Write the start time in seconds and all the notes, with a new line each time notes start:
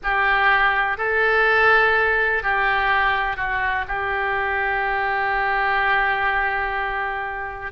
0.03 G4
0.97 A4
2.42 G4
3.36 F#4
3.87 G4